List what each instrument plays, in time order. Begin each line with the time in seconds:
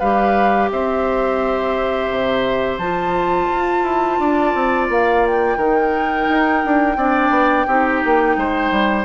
0.00 bassoon G3, clarinet G4, oboe B4, flute F5
0.72 bassoon C4, oboe C5, flute E5
2.10 bassoon C3
2.78 bassoon F3, clarinet F4, flute A5
3.52 bassoon F4
3.83 bassoon E4
4.19 bassoon D4, oboe D5
4.55 bassoon C4
4.90 bassoon A#3, flute F5
5.27 flute G5
5.57 bassoon D#3, clarinet D#4, oboe A#4
6.29 bassoon D#4
6.65 bassoon D4
6.97 bassoon C4, clarinet D4, oboe D5
7.30 bassoon B3
7.67 bassoon C4, clarinet D#4, oboe G4
8.05 bassoon A#3
8.37 bassoon G#3, oboe C5
8.71 bassoon G3